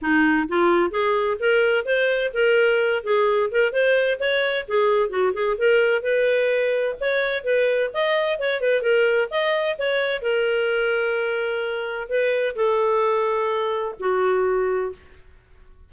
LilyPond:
\new Staff \with { instrumentName = "clarinet" } { \time 4/4 \tempo 4 = 129 dis'4 f'4 gis'4 ais'4 | c''4 ais'4. gis'4 ais'8 | c''4 cis''4 gis'4 fis'8 gis'8 | ais'4 b'2 cis''4 |
b'4 dis''4 cis''8 b'8 ais'4 | dis''4 cis''4 ais'2~ | ais'2 b'4 a'4~ | a'2 fis'2 | }